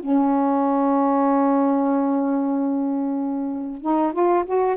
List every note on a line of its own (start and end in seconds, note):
0.00 3.82 C#4
3.82 4.13 D#4
4.13 4.45 F4
4.46 4.77 F#4